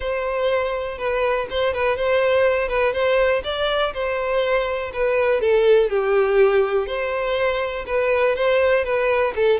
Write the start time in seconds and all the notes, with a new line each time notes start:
0.00 C5
0.97 B4
1.50 C5
1.73 B4
1.96 C5
2.68 B4
2.93 C5
3.44 D5
3.93 C5
4.93 B4
5.40 A4
5.89 G4
6.86 C5
7.86 B4
8.35 C5
8.84 B4
9.35 A4